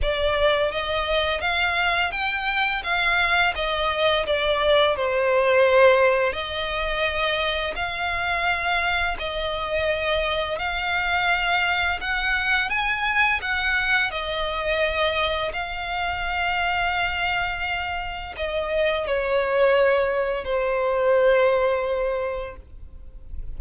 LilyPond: \new Staff \with { instrumentName = "violin" } { \time 4/4 \tempo 4 = 85 d''4 dis''4 f''4 g''4 | f''4 dis''4 d''4 c''4~ | c''4 dis''2 f''4~ | f''4 dis''2 f''4~ |
f''4 fis''4 gis''4 fis''4 | dis''2 f''2~ | f''2 dis''4 cis''4~ | cis''4 c''2. | }